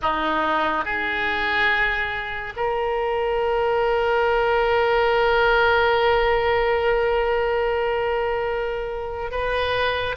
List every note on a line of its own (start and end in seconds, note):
0.02 0.85 D#4
0.85 2.54 G#4
2.56 9.31 A#4
9.31 10.15 B4